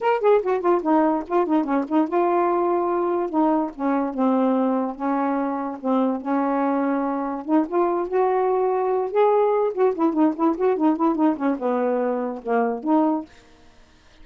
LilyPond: \new Staff \with { instrumentName = "saxophone" } { \time 4/4 \tempo 4 = 145 ais'8 gis'8 fis'8 f'8 dis'4 f'8 dis'8 | cis'8 dis'8 f'2. | dis'4 cis'4 c'2 | cis'2 c'4 cis'4~ |
cis'2 dis'8 f'4 fis'8~ | fis'2 gis'4. fis'8 | e'8 dis'8 e'8 fis'8 dis'8 e'8 dis'8 cis'8 | b2 ais4 dis'4 | }